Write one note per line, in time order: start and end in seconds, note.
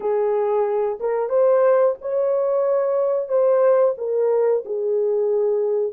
0.00 0.99 G#4
1.00 1.29 A#4
1.29 1.95 C5
2.01 3.28 C#5
3.28 3.94 C5
3.97 4.63 A#4
4.65 5.93 G#4